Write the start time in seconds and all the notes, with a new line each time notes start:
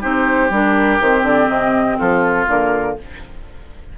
0.00 C4 D#4 G4 C5
0.50 G3 D4 A#4
1.00 D#3 C4 C5
1.23 D3 D5
1.48 C3 D#5
1.98 F3 F4 A4
2.47 D3 A#3 A#4